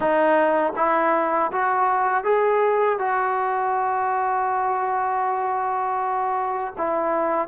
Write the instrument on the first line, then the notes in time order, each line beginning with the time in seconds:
trombone
0.00 D#4
0.76 E4
1.52 F#4
2.23 G#4
2.99 F#4
6.77 E4